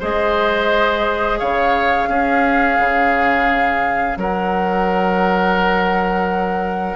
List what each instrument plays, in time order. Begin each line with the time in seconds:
0.00 bassoon G#3, clarinet G#4, oboe C5, flute D#5
1.39 bassoon C#3, oboe C#5, flute F5
2.08 bassoon C#4, clarinet C#4, oboe G#4
2.79 bassoon C#3
4.17 bassoon F#3, oboe A#4, flute F#5